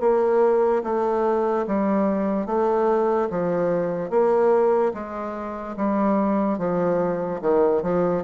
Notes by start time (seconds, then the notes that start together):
0.00 A#3
0.83 A3
1.67 G3
2.46 A3
3.30 F3
4.10 A#3
4.94 G#3
5.76 G3
6.58 F3
7.41 D#3
7.82 F3